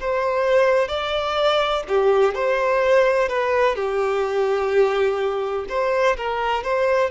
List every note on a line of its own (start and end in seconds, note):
0.00 0.88 C5
0.88 1.84 D5
1.88 2.35 G4
2.35 3.29 C5
3.29 3.75 B4
3.75 5.66 G4
5.69 6.16 C5
6.17 6.64 A#4
6.64 7.10 C5